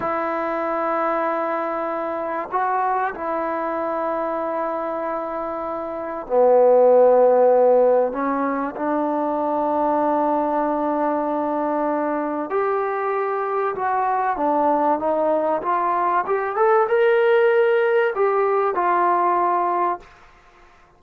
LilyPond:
\new Staff \with { instrumentName = "trombone" } { \time 4/4 \tempo 4 = 96 e'1 | fis'4 e'2.~ | e'2 b2~ | b4 cis'4 d'2~ |
d'1 | g'2 fis'4 d'4 | dis'4 f'4 g'8 a'8 ais'4~ | ais'4 g'4 f'2 | }